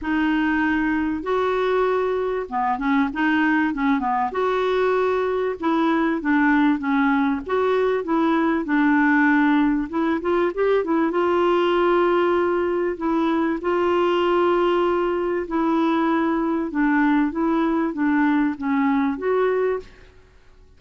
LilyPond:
\new Staff \with { instrumentName = "clarinet" } { \time 4/4 \tempo 4 = 97 dis'2 fis'2 | b8 cis'8 dis'4 cis'8 b8 fis'4~ | fis'4 e'4 d'4 cis'4 | fis'4 e'4 d'2 |
e'8 f'8 g'8 e'8 f'2~ | f'4 e'4 f'2~ | f'4 e'2 d'4 | e'4 d'4 cis'4 fis'4 | }